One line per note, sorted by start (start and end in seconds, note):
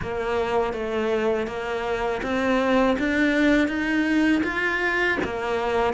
0.02 0.73 A#3
0.73 1.47 A3
1.47 2.21 A#3
2.22 2.96 C4
2.98 3.68 D4
3.68 4.42 D#4
4.43 5.18 F4
5.24 5.93 A#3